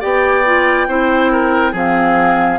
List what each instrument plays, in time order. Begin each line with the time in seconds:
0.00 bassoon B3, clarinet G4, oboe D5, flute G5
0.45 clarinet F4
0.88 bassoon C4, clarinet E4, oboe C5
1.32 oboe A#4
1.72 bassoon F3, clarinet C4, oboe G#4, flute F5